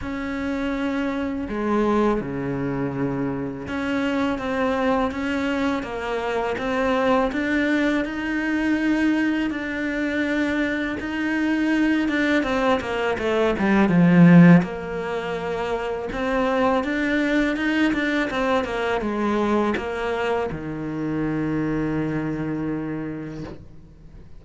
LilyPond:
\new Staff \with { instrumentName = "cello" } { \time 4/4 \tempo 4 = 82 cis'2 gis4 cis4~ | cis4 cis'4 c'4 cis'4 | ais4 c'4 d'4 dis'4~ | dis'4 d'2 dis'4~ |
dis'8 d'8 c'8 ais8 a8 g8 f4 | ais2 c'4 d'4 | dis'8 d'8 c'8 ais8 gis4 ais4 | dis1 | }